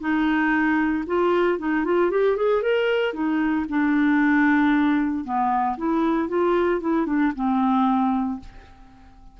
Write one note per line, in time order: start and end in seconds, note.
0.00 1.04 D#4
1.06 1.59 F4
1.59 1.85 D#4
1.85 2.11 F4
2.11 2.36 G4
2.36 2.62 G#4
2.62 3.14 A#4
3.14 3.66 D#4
3.69 5.25 D4
5.25 5.77 B3
5.77 6.28 E4
6.28 6.81 F4
6.81 7.06 E4
7.06 7.32 D4
7.35 8.40 C4